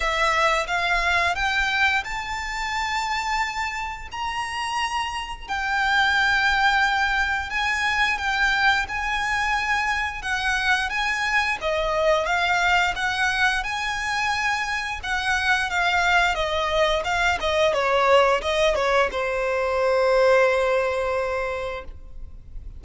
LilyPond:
\new Staff \with { instrumentName = "violin" } { \time 4/4 \tempo 4 = 88 e''4 f''4 g''4 a''4~ | a''2 ais''2 | g''2. gis''4 | g''4 gis''2 fis''4 |
gis''4 dis''4 f''4 fis''4 | gis''2 fis''4 f''4 | dis''4 f''8 dis''8 cis''4 dis''8 cis''8 | c''1 | }